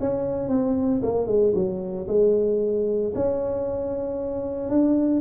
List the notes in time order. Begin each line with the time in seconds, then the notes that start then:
0.00 C#4
0.49 C4
1.03 A#3
1.27 G#3
1.55 F#3
2.08 G#3
3.15 C#4
4.70 D4